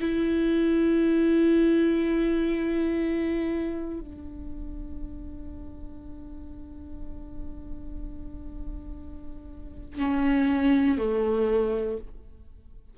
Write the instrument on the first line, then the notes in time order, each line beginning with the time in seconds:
viola
0.00 E4
4.00 D4
9.98 C#4
10.98 A3